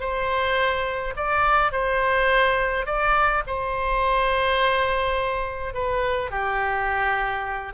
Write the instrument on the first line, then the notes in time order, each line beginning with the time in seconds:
oboe
0.00 C5
1.16 D5
1.72 C5
2.86 D5
3.47 C5
5.74 B4
6.31 G4